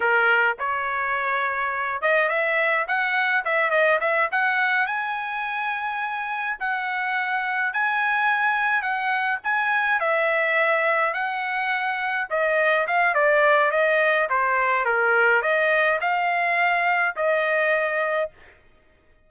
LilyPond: \new Staff \with { instrumentName = "trumpet" } { \time 4/4 \tempo 4 = 105 ais'4 cis''2~ cis''8 dis''8 | e''4 fis''4 e''8 dis''8 e''8 fis''8~ | fis''8 gis''2. fis''8~ | fis''4. gis''2 fis''8~ |
fis''8 gis''4 e''2 fis''8~ | fis''4. dis''4 f''8 d''4 | dis''4 c''4 ais'4 dis''4 | f''2 dis''2 | }